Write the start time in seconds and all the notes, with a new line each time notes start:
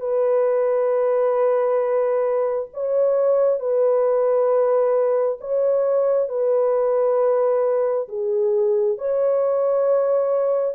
0.00 B4
2.74 C#5
3.59 B4
5.41 C#5
6.29 B4
8.08 G#4
8.98 C#5